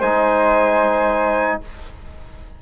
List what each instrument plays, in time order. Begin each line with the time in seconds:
0.00 bassoon G#3, trombone D#4, flute C5, trumpet G#5